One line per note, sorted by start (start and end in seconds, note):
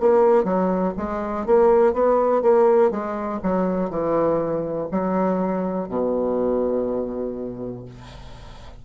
0.00 0.44 A#3
0.44 0.93 F#3
0.97 1.46 G#3
1.46 1.93 A#3
1.93 2.42 B3
2.42 2.91 A#3
2.91 3.40 G#3
3.43 3.90 F#3
3.90 4.88 E3
4.91 5.88 F#3
5.88 7.85 B2